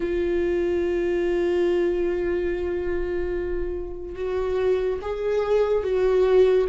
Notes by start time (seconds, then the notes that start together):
0.00 F4
4.15 F#4
5.01 G#4
5.83 F#4